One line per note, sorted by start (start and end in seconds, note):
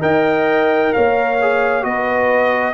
0.00 0.92 D#4
0.00 1.36 A#4
0.00 0.92 D#5
0.00 0.93 G5
0.93 1.84 A#3
0.93 1.85 C#5
0.93 1.84 F5
1.41 1.82 G#4
1.82 2.74 B3
1.82 2.73 F#4
1.82 2.74 B4
1.82 2.74 D#5